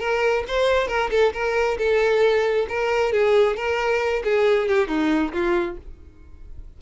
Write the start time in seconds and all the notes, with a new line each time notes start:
0.00 A#4
0.48 C5
0.88 A#4
1.11 A4
1.34 A#4
1.78 A4
2.69 A#4
3.13 G#4
3.57 A#4
4.24 G#4
4.69 G4
4.88 D#4
5.33 F4